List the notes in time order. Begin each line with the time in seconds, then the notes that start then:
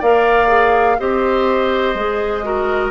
0.00 A#3 A#4 D5 F5
0.48 G#4
0.99 C4 G4 C5 D#5
1.95 G#3 G#4
2.43 F#4 A#4